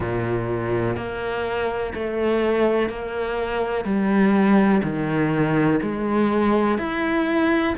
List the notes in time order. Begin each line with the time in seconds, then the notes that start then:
0.00 A#2
0.96 A#3
1.94 A3
2.89 A#3
3.84 G3
4.83 D#3
5.82 G#3
6.77 E4